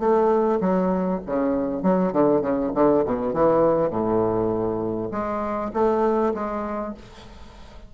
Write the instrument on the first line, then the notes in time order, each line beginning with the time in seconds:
bassoon
0.00 A3
0.61 F#3
1.27 C#3
1.83 F#3
2.13 D3
2.42 C#3
2.75 D3
3.06 B2
3.34 E3
3.91 A2
5.12 G#3
5.74 A3
6.35 G#3